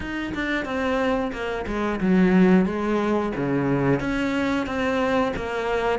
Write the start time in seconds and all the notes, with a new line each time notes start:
0.00 D#4
0.34 D4
0.65 C4
1.32 A#3
1.66 G#3
2.00 F#3
2.65 G#3
3.35 C#3
3.99 C#4
4.66 C4
5.36 A#3